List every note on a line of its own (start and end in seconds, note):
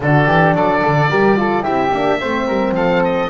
0.00 0.27 D3
0.00 1.09 D4
0.00 0.27 F#4
0.00 0.55 A4
0.27 0.54 E3
0.27 0.54 G4
0.55 0.82 F#3
0.55 1.10 A4
0.55 1.63 D5
0.84 1.10 D3
1.09 1.65 G3
1.09 1.37 G4
1.09 1.37 A#4
1.37 1.62 F4
1.37 1.62 A4
1.62 1.91 C4
1.62 1.89 E4
1.62 2.17 G4
1.62 2.74 E5
1.91 2.19 A#3
1.91 2.21 D4
2.20 2.48 A3
2.20 3.30 C4
2.20 2.46 C5
2.46 2.71 G3
2.46 2.74 A#4
2.71 3.26 F3
2.71 3.30 A4
2.71 3.02 F5
3.04 3.30 D#5